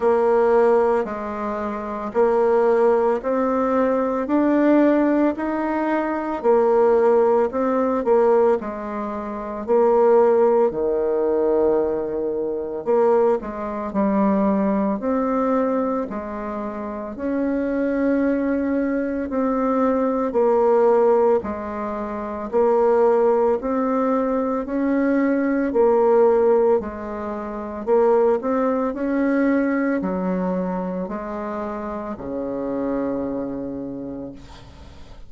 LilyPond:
\new Staff \with { instrumentName = "bassoon" } { \time 4/4 \tempo 4 = 56 ais4 gis4 ais4 c'4 | d'4 dis'4 ais4 c'8 ais8 | gis4 ais4 dis2 | ais8 gis8 g4 c'4 gis4 |
cis'2 c'4 ais4 | gis4 ais4 c'4 cis'4 | ais4 gis4 ais8 c'8 cis'4 | fis4 gis4 cis2 | }